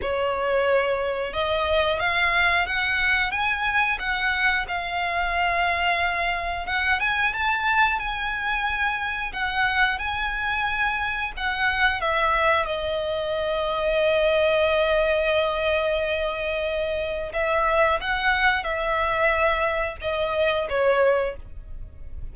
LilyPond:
\new Staff \with { instrumentName = "violin" } { \time 4/4 \tempo 4 = 90 cis''2 dis''4 f''4 | fis''4 gis''4 fis''4 f''4~ | f''2 fis''8 gis''8 a''4 | gis''2 fis''4 gis''4~ |
gis''4 fis''4 e''4 dis''4~ | dis''1~ | dis''2 e''4 fis''4 | e''2 dis''4 cis''4 | }